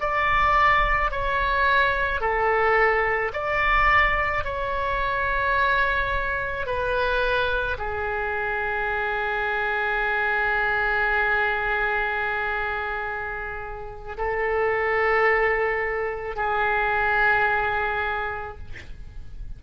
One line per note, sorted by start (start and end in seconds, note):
0.00 1.11 D5
1.11 2.20 C#5
2.20 3.31 A4
3.33 4.44 D5
4.44 6.66 C#5
6.66 7.77 B4
7.78 14.17 G#4
14.17 16.35 A4
16.35 18.58 G#4